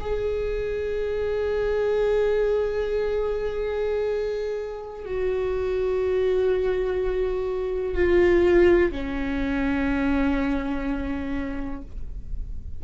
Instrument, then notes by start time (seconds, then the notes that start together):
viola
0.00 G#4
5.05 F#4
7.95 F4
8.92 C#4